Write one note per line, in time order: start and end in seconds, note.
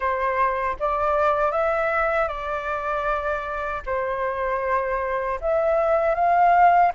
0.00 0.76 C5
0.79 1.51 D5
1.51 2.28 E5
2.28 3.81 D5
3.85 5.39 C5
5.40 6.15 E5
6.15 6.92 F5